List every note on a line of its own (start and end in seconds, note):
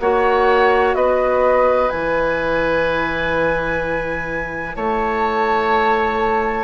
0.00 0.95 A#3
0.00 1.89 F#4
0.00 0.97 C#5
0.00 0.95 F#5
0.95 1.90 B3
0.95 4.76 B4
0.95 1.90 D#5
1.89 4.76 E3
1.89 6.64 E4
1.89 4.75 G#5
4.76 6.64 A3
4.76 6.64 C#5
4.76 6.64 A5